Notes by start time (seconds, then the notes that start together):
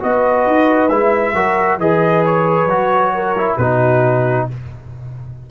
0.00 B3 F#4 B4 D#5
0.46 D#4
0.89 G#3 E4 E5
1.34 F#3 F#4 A#4
1.78 E3 G#4 B4 D#5
2.25 C#5
2.66 F#3 F#4
3.15 A#4
3.38 E4
3.57 B2 D#4 F#4 B4